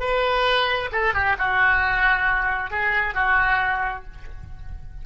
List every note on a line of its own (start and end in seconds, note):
0.00 0.90 B4
0.92 1.14 A4
1.14 1.37 G4
1.38 2.70 F#4
2.70 3.14 G#4
3.14 4.04 F#4